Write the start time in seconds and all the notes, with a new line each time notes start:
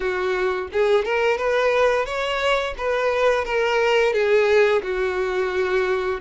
0.00 F#4
0.72 G#4
1.04 A#4
1.37 B4
2.05 C#5
2.77 B4
3.45 A#4
4.13 G#4
4.82 F#4